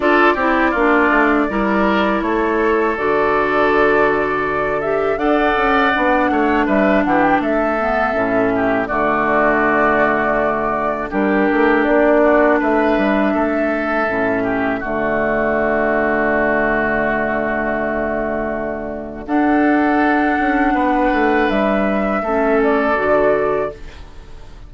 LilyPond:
<<
  \new Staff \with { instrumentName = "flute" } { \time 4/4 \tempo 4 = 81 d''2. cis''4 | d''2~ d''8 e''8 fis''4~ | fis''4 e''8 fis''16 g''16 e''2 | d''2. ais'4 |
d''4 e''2. | d''1~ | d''2 fis''2~ | fis''4 e''4. d''4. | }
  \new Staff \with { instrumentName = "oboe" } { \time 4/4 a'8 g'8 f'4 ais'4 a'4~ | a'2. d''4~ | d''8 cis''8 b'8 g'8 a'4. g'8 | fis'2. g'4~ |
g'8 fis'8 b'4 a'4. g'8 | fis'1~ | fis'2 a'2 | b'2 a'2 | }
  \new Staff \with { instrumentName = "clarinet" } { \time 4/4 f'8 e'8 d'4 e'2 | fis'2~ fis'8 g'8 a'4 | d'2~ d'8 b8 cis'4 | a2. d'4~ |
d'2. cis'4 | a1~ | a2 d'2~ | d'2 cis'4 fis'4 | }
  \new Staff \with { instrumentName = "bassoon" } { \time 4/4 d'8 c'8 ais8 a8 g4 a4 | d2. d'8 cis'8 | b8 a8 g8 e8 a4 a,4 | d2. g8 a8 |
ais4 a8 g8 a4 a,4 | d1~ | d2 d'4. cis'8 | b8 a8 g4 a4 d4 | }
>>